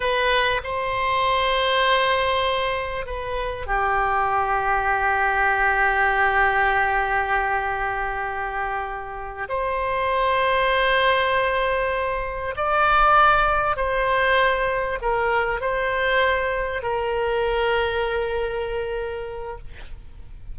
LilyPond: \new Staff \with { instrumentName = "oboe" } { \time 4/4 \tempo 4 = 98 b'4 c''2.~ | c''4 b'4 g'2~ | g'1~ | g'2.~ g'8 c''8~ |
c''1~ | c''8 d''2 c''4.~ | c''8 ais'4 c''2 ais'8~ | ais'1 | }